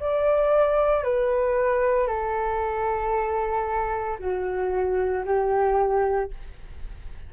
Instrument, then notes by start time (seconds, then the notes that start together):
flute
0.00 D5
1.04 B4
2.07 A4
4.19 F#4
5.26 G4